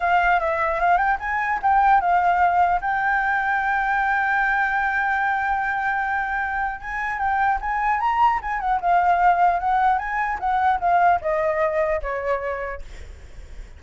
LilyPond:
\new Staff \with { instrumentName = "flute" } { \time 4/4 \tempo 4 = 150 f''4 e''4 f''8 g''8 gis''4 | g''4 f''2 g''4~ | g''1~ | g''1~ |
g''4 gis''4 g''4 gis''4 | ais''4 gis''8 fis''8 f''2 | fis''4 gis''4 fis''4 f''4 | dis''2 cis''2 | }